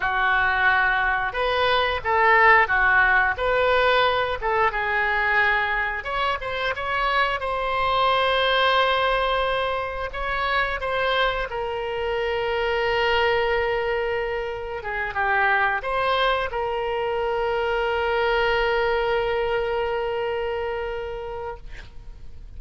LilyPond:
\new Staff \with { instrumentName = "oboe" } { \time 4/4 \tempo 4 = 89 fis'2 b'4 a'4 | fis'4 b'4. a'8 gis'4~ | gis'4 cis''8 c''8 cis''4 c''4~ | c''2. cis''4 |
c''4 ais'2.~ | ais'2 gis'8 g'4 c''8~ | c''8 ais'2.~ ais'8~ | ais'1 | }